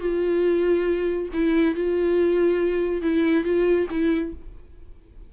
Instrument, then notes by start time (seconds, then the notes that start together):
viola
0.00 F4
1.33 E4
1.75 F4
3.02 E4
3.44 F4
3.90 E4